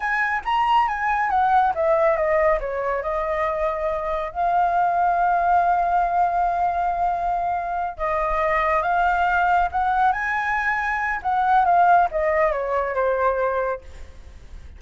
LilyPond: \new Staff \with { instrumentName = "flute" } { \time 4/4 \tempo 4 = 139 gis''4 ais''4 gis''4 fis''4 | e''4 dis''4 cis''4 dis''4~ | dis''2 f''2~ | f''1~ |
f''2~ f''8 dis''4.~ | dis''8 f''2 fis''4 gis''8~ | gis''2 fis''4 f''4 | dis''4 cis''4 c''2 | }